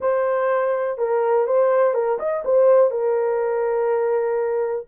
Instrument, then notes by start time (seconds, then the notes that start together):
horn
0.00 C5
0.98 A#4
1.46 C5
1.94 A#4
2.19 D#5
2.44 C5
2.90 A#4